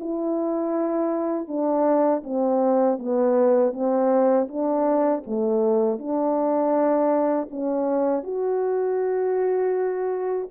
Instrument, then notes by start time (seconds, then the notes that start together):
horn
0.00 E4
1.48 D4
2.24 C4
2.99 B3
3.73 C4
4.48 D4
5.27 A3
5.99 D4
7.51 C#4
8.24 F#4